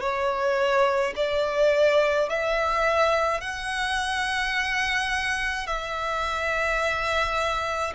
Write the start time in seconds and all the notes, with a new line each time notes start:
0.00 C#5
1.16 D5
2.29 E5
3.41 F#5
5.67 E5